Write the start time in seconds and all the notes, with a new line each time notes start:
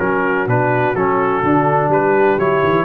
0.00 F#3 C#4 F#4 A#4
0.47 B2 D4 B4
0.95 F#3 C#4 A4
1.44 D3 D4
1.89 G3 G4 B4
2.39 F#3 E4 C#5
2.64 E3